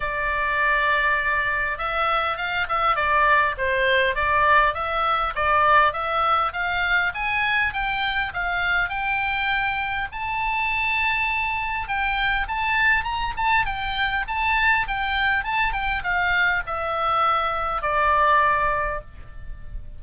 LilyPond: \new Staff \with { instrumentName = "oboe" } { \time 4/4 \tempo 4 = 101 d''2. e''4 | f''8 e''8 d''4 c''4 d''4 | e''4 d''4 e''4 f''4 | gis''4 g''4 f''4 g''4~ |
g''4 a''2. | g''4 a''4 ais''8 a''8 g''4 | a''4 g''4 a''8 g''8 f''4 | e''2 d''2 | }